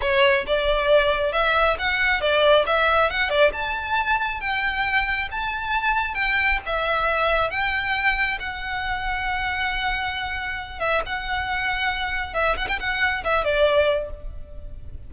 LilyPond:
\new Staff \with { instrumentName = "violin" } { \time 4/4 \tempo 4 = 136 cis''4 d''2 e''4 | fis''4 d''4 e''4 fis''8 d''8 | a''2 g''2 | a''2 g''4 e''4~ |
e''4 g''2 fis''4~ | fis''1~ | fis''8 e''8 fis''2. | e''8 fis''16 g''16 fis''4 e''8 d''4. | }